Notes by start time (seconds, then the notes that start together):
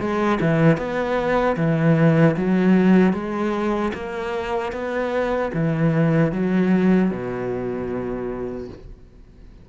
0.00 G#3
0.41 E3
0.78 B3
1.57 E3
2.37 F#3
3.13 G#3
3.94 A#3
4.73 B3
5.54 E3
6.33 F#3
7.11 B2